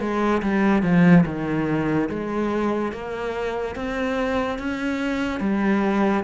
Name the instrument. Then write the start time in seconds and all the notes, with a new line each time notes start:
cello
0.00 G#3
0.42 G3
0.83 F3
1.25 D#3
2.09 G#3
2.92 A#3
3.75 C4
4.59 C#4
5.40 G3